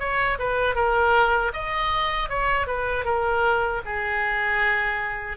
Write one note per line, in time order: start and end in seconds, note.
0.00 0.38 C#5
0.39 0.76 B4
0.76 1.52 A#4
1.53 2.29 D#5
2.29 2.67 C#5
2.67 3.05 B4
3.05 3.82 A#4
3.85 5.37 G#4